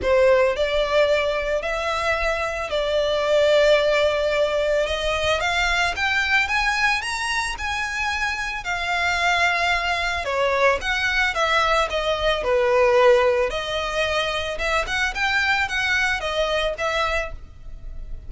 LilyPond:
\new Staff \with { instrumentName = "violin" } { \time 4/4 \tempo 4 = 111 c''4 d''2 e''4~ | e''4 d''2.~ | d''4 dis''4 f''4 g''4 | gis''4 ais''4 gis''2 |
f''2. cis''4 | fis''4 e''4 dis''4 b'4~ | b'4 dis''2 e''8 fis''8 | g''4 fis''4 dis''4 e''4 | }